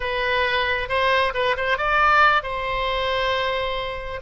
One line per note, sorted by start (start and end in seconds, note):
0.00 0.88 B4
0.88 1.33 C5
1.33 1.56 B4
1.57 1.77 C5
1.77 2.43 D5
2.43 4.20 C5